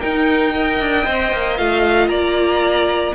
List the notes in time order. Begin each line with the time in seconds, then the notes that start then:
0.00 D#4 A#4 G5
0.54 A#4 D#5
0.80 D4
1.05 C4 C5
1.32 A#3
1.57 A3 F4 F5
2.08 A#3 D5 A#5